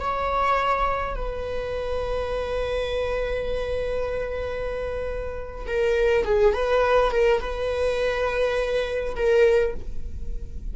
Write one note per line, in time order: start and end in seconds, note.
0.00 1.16 C#5
1.16 5.67 B4
5.67 6.25 A#4
6.25 6.53 G#4
6.53 7.11 B4
7.11 7.41 A#4
7.41 9.15 B4
9.16 9.74 A#4